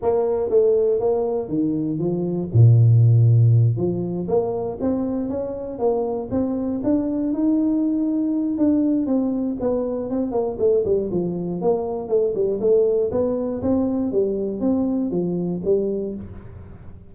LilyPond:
\new Staff \with { instrumentName = "tuba" } { \time 4/4 \tempo 4 = 119 ais4 a4 ais4 dis4 | f4 ais,2~ ais,8 f8~ | f8 ais4 c'4 cis'4 ais8~ | ais8 c'4 d'4 dis'4.~ |
dis'4 d'4 c'4 b4 | c'8 ais8 a8 g8 f4 ais4 | a8 g8 a4 b4 c'4 | g4 c'4 f4 g4 | }